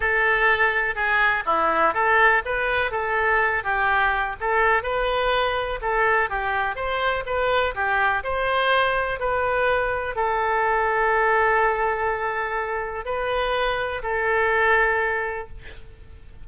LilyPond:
\new Staff \with { instrumentName = "oboe" } { \time 4/4 \tempo 4 = 124 a'2 gis'4 e'4 | a'4 b'4 a'4. g'8~ | g'4 a'4 b'2 | a'4 g'4 c''4 b'4 |
g'4 c''2 b'4~ | b'4 a'2.~ | a'2. b'4~ | b'4 a'2. | }